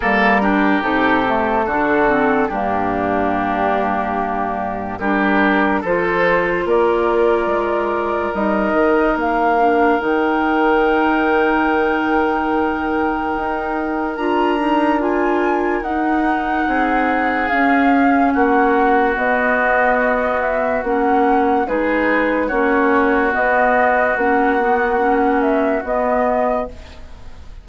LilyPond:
<<
  \new Staff \with { instrumentName = "flute" } { \time 4/4 \tempo 4 = 72 ais'4 a'2 g'4~ | g'2 ais'4 c''4 | d''2 dis''4 f''4 | g''1~ |
g''4 ais''4 gis''4 fis''4~ | fis''4 f''4 fis''4 dis''4~ | dis''8 e''8 fis''4 b'4 cis''4 | dis''4 fis''4. e''8 dis''4 | }
  \new Staff \with { instrumentName = "oboe" } { \time 4/4 a'8 g'4. fis'4 d'4~ | d'2 g'4 a'4 | ais'1~ | ais'1~ |
ais'1 | gis'2 fis'2~ | fis'2 gis'4 fis'4~ | fis'1 | }
  \new Staff \with { instrumentName = "clarinet" } { \time 4/4 ais8 d'8 dis'8 a8 d'8 c'8 ais4~ | ais2 d'4 f'4~ | f'2 dis'4. d'8 | dis'1~ |
dis'4 f'8 dis'8 f'4 dis'4~ | dis'4 cis'2 b4~ | b4 cis'4 dis'4 cis'4 | b4 cis'8 b8 cis'4 b4 | }
  \new Staff \with { instrumentName = "bassoon" } { \time 4/4 g4 c4 d4 g,4~ | g,2 g4 f4 | ais4 gis4 g8 dis8 ais4 | dis1 |
dis'4 d'2 dis'4 | c'4 cis'4 ais4 b4~ | b4 ais4 gis4 ais4 | b4 ais2 b4 | }
>>